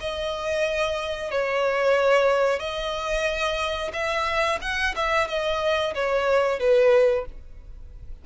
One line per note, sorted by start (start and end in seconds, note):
0.00 1.31 D#5
1.31 2.59 C#5
2.59 3.91 D#5
3.93 4.59 E5
4.62 4.95 F#5
4.96 5.28 E5
5.28 5.94 D#5
5.95 6.59 C#5
6.59 7.25 B4